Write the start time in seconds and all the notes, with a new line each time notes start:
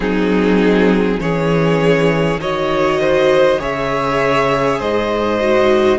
0.00 F#3 C4 D#4 G#4
1.19 E3 C#4 G#4 C#5
2.37 D#3 F#4 C#5 D#5
3.00 C5
3.58 C#3 G#4 C#5 E5
4.78 G#2 C5 D#5
5.40 F#4